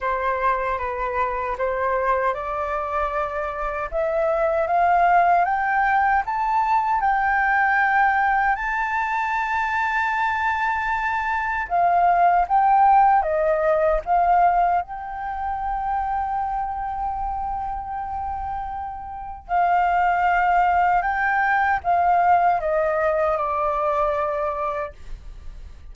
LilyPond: \new Staff \with { instrumentName = "flute" } { \time 4/4 \tempo 4 = 77 c''4 b'4 c''4 d''4~ | d''4 e''4 f''4 g''4 | a''4 g''2 a''4~ | a''2. f''4 |
g''4 dis''4 f''4 g''4~ | g''1~ | g''4 f''2 g''4 | f''4 dis''4 d''2 | }